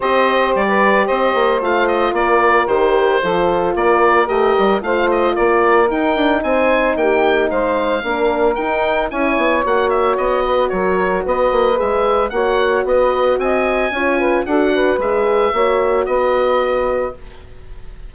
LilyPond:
<<
  \new Staff \with { instrumentName = "oboe" } { \time 4/4 \tempo 4 = 112 dis''4 d''4 dis''4 f''8 dis''8 | d''4 c''2 d''4 | dis''4 f''8 dis''8 d''4 g''4 | gis''4 g''4 f''2 |
g''4 gis''4 fis''8 e''8 dis''4 | cis''4 dis''4 e''4 fis''4 | dis''4 gis''2 fis''4 | e''2 dis''2 | }
  \new Staff \with { instrumentName = "saxophone" } { \time 4/4 c''4~ c''16 b'8. c''2 | ais'2 a'4 ais'4~ | ais'4 c''4 ais'2 | c''4 g'4 c''4 ais'4~ |
ais'4 cis''2~ cis''8 b'8 | ais'4 b'2 cis''4 | b'4 dis''4 cis''8 b'8 a'8 b'8~ | b'4 cis''4 b'2 | }
  \new Staff \with { instrumentName = "horn" } { \time 4/4 g'2. f'4~ | f'4 g'4 f'2 | g'4 f'2 dis'4~ | dis'2. d'4 |
dis'4 e'4 fis'2~ | fis'2 gis'4 fis'4~ | fis'2 f'4 fis'4 | gis'4 fis'2. | }
  \new Staff \with { instrumentName = "bassoon" } { \time 4/4 c'4 g4 c'8 ais8 a4 | ais4 dis4 f4 ais4 | a8 g8 a4 ais4 dis'8 d'8 | c'4 ais4 gis4 ais4 |
dis'4 cis'8 b8 ais4 b4 | fis4 b8 ais8 gis4 ais4 | b4 c'4 cis'4 d'4 | gis4 ais4 b2 | }
>>